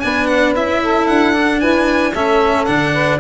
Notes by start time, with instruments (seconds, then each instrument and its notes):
0.00 tuba B3, cello D4, saxophone B4, violin G#5
0.26 violin F#5
0.55 tuba C#4, cello E4, violin E5
0.81 saxophone A4
1.07 tuba D4, violin F#5
1.33 cello D4
1.60 tuba E4, saxophone B4, violin G#5
2.12 tuba A3, cello C#4, saxophone A4, violin E5
2.65 tuba D3, cello D4, violin F#5
2.93 saxophone B4